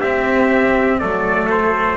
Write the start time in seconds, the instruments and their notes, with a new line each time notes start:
0.00 cello C4, double bass C4, trumpet G4 E5
0.99 double bass F#3, cello A3, trumpet A4 D5
1.50 trumpet C5